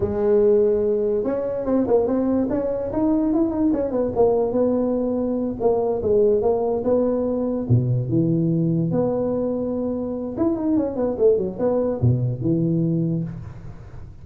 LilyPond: \new Staff \with { instrumentName = "tuba" } { \time 4/4 \tempo 4 = 145 gis2. cis'4 | c'8 ais8 c'4 cis'4 dis'4 | e'8 dis'8 cis'8 b8 ais4 b4~ | b4. ais4 gis4 ais8~ |
ais8 b2 b,4 e8~ | e4. b2~ b8~ | b4 e'8 dis'8 cis'8 b8 a8 fis8 | b4 b,4 e2 | }